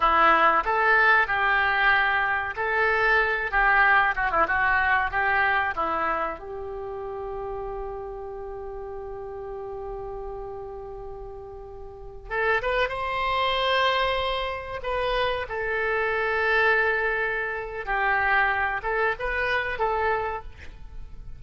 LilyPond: \new Staff \with { instrumentName = "oboe" } { \time 4/4 \tempo 4 = 94 e'4 a'4 g'2 | a'4. g'4 fis'16 e'16 fis'4 | g'4 e'4 g'2~ | g'1~ |
g'2.~ g'16 a'8 b'16~ | b'16 c''2. b'8.~ | b'16 a'2.~ a'8. | g'4. a'8 b'4 a'4 | }